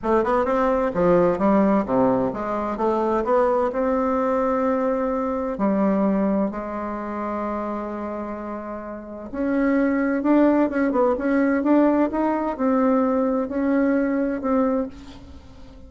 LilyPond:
\new Staff \with { instrumentName = "bassoon" } { \time 4/4 \tempo 4 = 129 a8 b8 c'4 f4 g4 | c4 gis4 a4 b4 | c'1 | g2 gis2~ |
gis1 | cis'2 d'4 cis'8 b8 | cis'4 d'4 dis'4 c'4~ | c'4 cis'2 c'4 | }